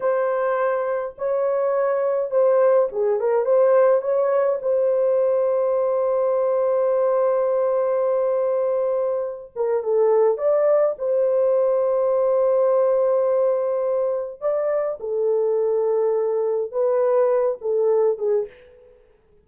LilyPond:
\new Staff \with { instrumentName = "horn" } { \time 4/4 \tempo 4 = 104 c''2 cis''2 | c''4 gis'8 ais'8 c''4 cis''4 | c''1~ | c''1~ |
c''8 ais'8 a'4 d''4 c''4~ | c''1~ | c''4 d''4 a'2~ | a'4 b'4. a'4 gis'8 | }